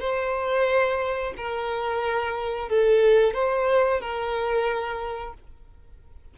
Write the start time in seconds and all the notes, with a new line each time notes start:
0.00 C5
1.37 A#4
2.69 A4
3.34 C5
4.00 A#4